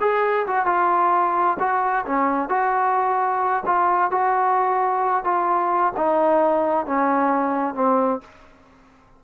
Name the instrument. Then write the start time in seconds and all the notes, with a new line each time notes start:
trombone
0.00 G#4
0.47 F#4
0.66 F4
1.59 F#4
2.06 C#4
2.49 F#4
3.65 F4
4.11 F#4
5.24 F4
5.96 D#4
6.86 C#4
7.74 C4